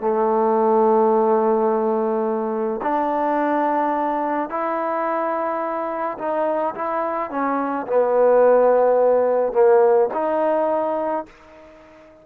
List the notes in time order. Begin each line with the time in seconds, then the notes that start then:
0.00 A3
2.82 D4
4.49 E4
6.18 D#4
6.74 E4
7.30 C#4
7.87 B3
9.53 A#3
10.13 D#4